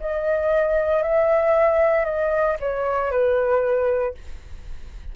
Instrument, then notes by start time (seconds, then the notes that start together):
flute
0.00 D#5
1.03 E5
2.05 D#5
2.60 C#5
3.11 B4